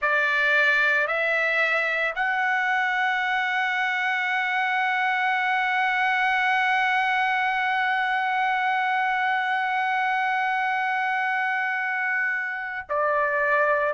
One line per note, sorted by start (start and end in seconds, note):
0.01 1.07 D5
1.07 2.14 E5
2.15 12.86 F#5
12.89 13.93 D5